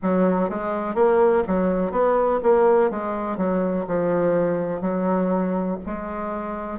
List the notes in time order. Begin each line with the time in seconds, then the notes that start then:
0.02 F#3
0.49 G#3
0.94 A#3
1.47 F#3
1.91 B3
2.42 A#3
2.90 G#3
3.37 F#3
3.87 F3
4.81 F#3
5.85 G#3